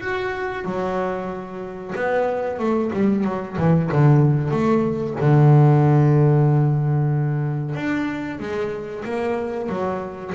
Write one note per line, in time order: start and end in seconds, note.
0.00 0.64 F#4
0.64 1.93 F#3
1.95 2.59 B3
2.59 2.91 A3
2.93 3.24 G3
3.24 3.56 F#3
3.57 3.89 E3
3.92 4.50 D3
4.50 5.15 A3
5.20 7.75 D3
7.75 8.39 D4
8.39 9.04 G#3
9.04 9.69 A#3
9.69 10.33 F#3